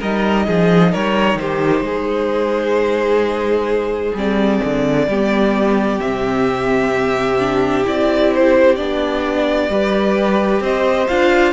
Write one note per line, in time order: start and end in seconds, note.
0.00 0.48 G3
0.00 4.16 D#4
0.00 0.46 A#4
0.00 0.93 D#5
0.47 0.95 F3
0.47 0.92 G#4
0.92 1.35 G3
0.92 1.38 A#4
0.92 1.39 C#5
1.35 1.81 D#3
1.35 1.86 G4
1.35 4.16 C5
1.81 4.12 G#3
1.81 5.09 G#4
4.14 4.61 G3
4.14 5.08 C4
4.14 6.00 D5
4.65 5.08 D3
5.08 6.00 G3
5.08 6.02 B3
5.08 9.70 G4
6.00 7.87 C3
6.00 7.40 C4
6.00 7.85 E5
7.40 7.85 D4
7.85 8.79 C4
7.85 8.77 E4
7.85 8.33 D5
8.34 8.76 C5
8.76 9.69 B3
8.76 9.70 D4
8.76 10.61 D5
9.69 10.61 G3
9.69 11.09 G4
9.69 10.62 B4
10.61 11.07 C4
10.61 11.53 C5
10.61 11.08 D#5
11.08 11.53 D4
11.08 11.53 F4
11.08 11.53 F5